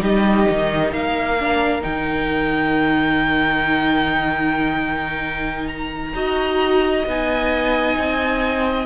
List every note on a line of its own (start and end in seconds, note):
0.00 0.46 G3
0.00 1.36 D#4
0.00 0.93 G4
0.00 0.93 D#5
0.50 0.92 D#3
0.92 1.83 A#3
0.92 6.15 A#4
0.92 1.83 F5
1.40 1.82 D4
1.82 6.14 D#3
1.82 6.13 D#4
1.82 5.68 G5
5.68 7.04 A#5
6.14 7.05 D#4
6.14 7.06 F#4
6.14 8.87 D#5
7.06 7.97 B3
7.06 8.87 D#4
7.06 8.87 G#5
7.98 8.87 C4